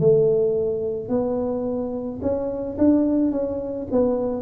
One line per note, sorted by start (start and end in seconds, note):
0.00 1.09 A3
1.09 2.20 B3
2.22 2.77 C#4
2.78 3.31 D4
3.31 3.87 C#4
3.91 4.42 B3